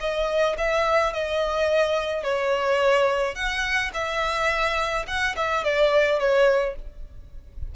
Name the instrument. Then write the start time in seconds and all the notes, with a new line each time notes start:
violin
0.00 D#5
0.58 E5
1.13 D#5
2.23 C#5
3.35 F#5
3.94 E5
5.07 F#5
5.36 E5
5.64 D5
6.19 C#5